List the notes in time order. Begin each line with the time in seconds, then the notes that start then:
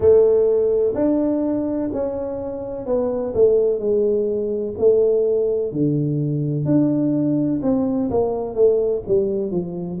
0.00 A3
0.94 D4
1.93 C#4
2.86 B3
3.34 A3
3.79 G#3
4.77 A3
5.71 D3
6.65 D4
7.62 C4
8.10 A#3
8.55 A3
9.07 G3
9.51 F3